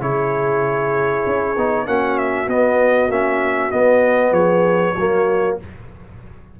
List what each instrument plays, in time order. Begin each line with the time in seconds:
0.00 tuba C#3, trombone E4, horn G#4, trumpet C#5
1.26 tuba C#4
1.56 tuba B3, trombone D#4
1.86 tuba A#3, trombone C#4, horn F#4, trumpet F#5
2.18 trumpet E5
2.47 tuba B3, trombone B3, trumpet D#5
3.08 tuba A#3, trombone C#4, trumpet E5
3.71 trombone B3, tuba B3, trumpet D#5
4.31 tuba F3, horn G#4, trumpet C#5
4.96 tuba F#3, trombone A#3, horn F#4